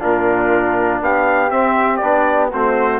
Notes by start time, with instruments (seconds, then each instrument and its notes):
0.00 bassoon A#2, trombone D4, flute F4, trumpet A#4
1.01 bassoon B3, flute G4, trumpet F5
1.51 trombone C4, bassoon C4, trumpet E5
1.97 bassoon B3, trombone D4, trumpet D5
2.51 bassoon A3, trombone C4, flute F#4, trumpet C5